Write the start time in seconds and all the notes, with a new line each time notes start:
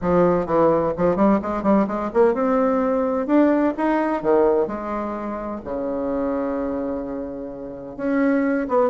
0.01 F3
0.46 E3
0.97 F3
1.16 G3
1.42 G#3
1.62 G3
1.87 G#3
2.13 A#3
2.34 C4
3.26 D4
3.77 D#4
4.22 D#3
4.67 G#3
5.64 C#3
7.96 C#4
8.68 B3